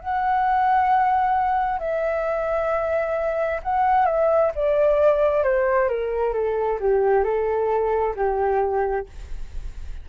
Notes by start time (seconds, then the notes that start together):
0.00 F#5
1.79 E5
3.63 F#5
4.05 E5
4.55 D5
5.44 C5
5.89 A#4
6.33 A4
6.80 G4
7.24 A4
8.15 G4